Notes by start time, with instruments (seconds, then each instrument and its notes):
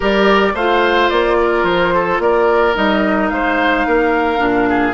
0.00 bassoon G3, clarinet G4, oboe A#4, flute D5
0.54 bassoon A3, clarinet F4, oboe C5, flute F5
1.09 bassoon A#3, flute D5
1.40 oboe A#4
1.63 bassoon F3, flute C5
1.94 oboe A4
2.19 bassoon A#3, oboe A#4, flute D5
2.74 bassoon G3, clarinet D#4, flute D#5
3.29 bassoon G#3, oboe C5, flute F5
3.86 bassoon A#3, oboe A#4
4.37 bassoon A#2, clarinet D4
4.69 oboe G#4